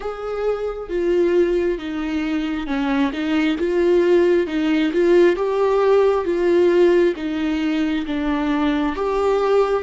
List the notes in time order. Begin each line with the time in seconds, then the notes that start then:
0.00 G#4
0.89 F4
1.78 D#4
2.66 C#4
3.12 D#4
3.58 F4
4.46 D#4
4.93 F4
5.36 G4
6.24 F4
7.16 D#4
8.06 D4
8.96 G4